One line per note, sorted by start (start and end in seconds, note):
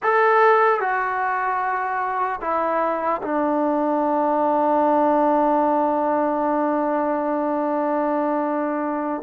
0.03 0.80 A4
0.80 2.40 F#4
2.41 3.21 E4
3.22 9.22 D4